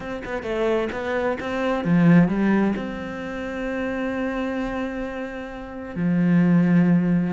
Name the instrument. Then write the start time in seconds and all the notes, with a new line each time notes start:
cello
0.00 C4
0.24 B3
0.42 A3
0.92 B3
1.40 C4
1.84 F3
2.28 G3
2.75 C4
5.95 F3